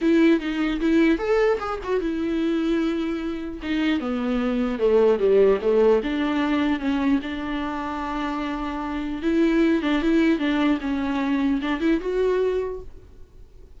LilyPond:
\new Staff \with { instrumentName = "viola" } { \time 4/4 \tempo 4 = 150 e'4 dis'4 e'4 a'4 | gis'8 fis'8 e'2.~ | e'4 dis'4 b2 | a4 g4 a4 d'4~ |
d'4 cis'4 d'2~ | d'2. e'4~ | e'8 d'8 e'4 d'4 cis'4~ | cis'4 d'8 e'8 fis'2 | }